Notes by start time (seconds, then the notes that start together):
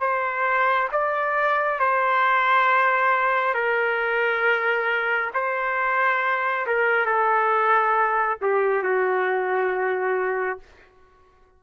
0.00 C5
0.92 D5
1.79 C5
3.54 A#4
5.34 C5
6.66 A#4
7.05 A4
8.41 G4
8.83 F#4